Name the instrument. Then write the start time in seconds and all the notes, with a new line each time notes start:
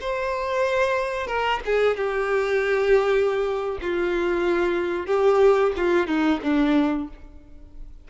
violin
0.00 C5
1.27 A#4
1.65 G#4
1.96 G4
3.81 F4
5.06 G4
5.77 F4
6.07 D#4
6.42 D4